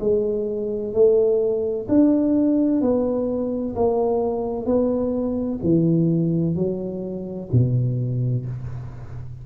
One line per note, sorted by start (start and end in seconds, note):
0.00 0.94 G#3
0.94 1.87 A3
1.89 2.82 D4
2.82 3.75 B3
3.75 4.66 A#3
4.66 5.60 B3
5.63 6.56 E3
6.56 7.50 F#3
7.53 8.46 B2